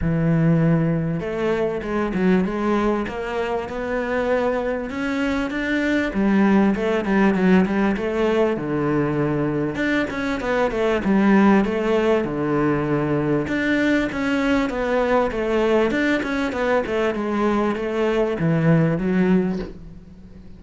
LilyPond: \new Staff \with { instrumentName = "cello" } { \time 4/4 \tempo 4 = 98 e2 a4 gis8 fis8 | gis4 ais4 b2 | cis'4 d'4 g4 a8 g8 | fis8 g8 a4 d2 |
d'8 cis'8 b8 a8 g4 a4 | d2 d'4 cis'4 | b4 a4 d'8 cis'8 b8 a8 | gis4 a4 e4 fis4 | }